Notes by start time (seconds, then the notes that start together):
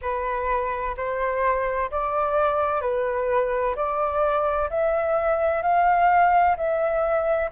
0.01 B4
0.96 C5
1.90 D5
2.81 B4
3.75 D5
4.70 E5
5.62 F5
6.56 E5